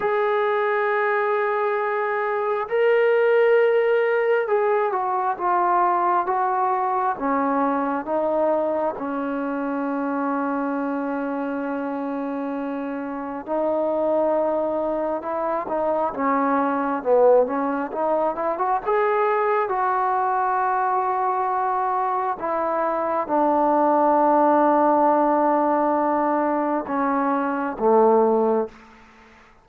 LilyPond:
\new Staff \with { instrumentName = "trombone" } { \time 4/4 \tempo 4 = 67 gis'2. ais'4~ | ais'4 gis'8 fis'8 f'4 fis'4 | cis'4 dis'4 cis'2~ | cis'2. dis'4~ |
dis'4 e'8 dis'8 cis'4 b8 cis'8 | dis'8 e'16 fis'16 gis'4 fis'2~ | fis'4 e'4 d'2~ | d'2 cis'4 a4 | }